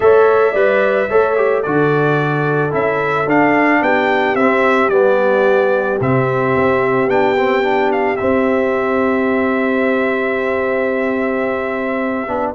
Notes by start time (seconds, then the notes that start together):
0.00 A3 A4 C#5 E5
0.51 G3 B4 D5
1.08 A3 A4 C#5
1.36 G4
1.62 D3 F#4 A4 D5
2.70 C#4 E4 E5
3.26 D4 F5
3.81 B3 G4 G5
4.35 C4 E5
4.88 G3 B3 D5
6.00 C3 C4 E5
6.55 C4
7.07 B3 D4 G5
7.37 C4
7.62 D4
7.92 F5
8.16 C4 E5
12.27 B3 D4